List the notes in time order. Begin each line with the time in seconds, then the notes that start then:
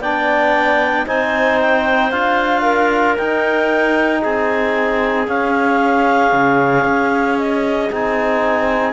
0.00 B3 D4 D5 G5
1.07 C4 D#4 C5 G#5
1.61 G5
2.11 D4 F4 F5
2.62 A#4
3.17 D#4 G5
4.21 C4 G#4 G#5
5.27 C#4 F5
6.32 C#3
6.84 C#4
7.38 D#5
7.91 C4 D#4 G#5